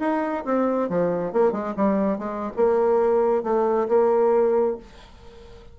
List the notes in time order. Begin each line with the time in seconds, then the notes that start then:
0.00 D#4
0.45 C4
0.89 F3
1.33 A#3
1.52 G#3
1.77 G3
2.19 G#3
2.56 A#3
3.43 A3
3.88 A#3